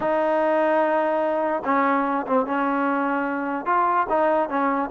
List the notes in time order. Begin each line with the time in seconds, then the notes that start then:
0.00 D#4
1.64 C#4
2.26 C4
2.46 C#4
3.65 F4
4.09 D#4
4.49 C#4